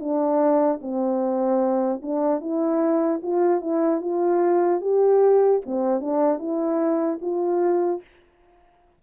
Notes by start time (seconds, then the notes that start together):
0.00 D4
0.82 C4
2.03 D4
2.41 E4
3.23 F4
3.61 E4
4.01 F4
4.81 G4
5.66 C4
6.01 D4
6.39 E4
7.22 F4